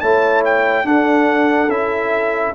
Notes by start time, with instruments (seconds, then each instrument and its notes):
0.00 tuba A3, trombone E4, horn C#5, trumpet A5
0.45 trumpet G5
0.84 tuba D4, trombone D4, horn A4, trumpet F#5
1.68 tuba C#4, trombone E4, trumpet E5